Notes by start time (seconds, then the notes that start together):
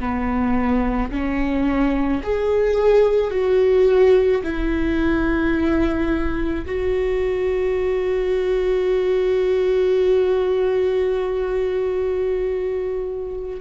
0.00 B3
1.11 C#4
2.23 G#4
3.31 F#4
4.43 E4
6.66 F#4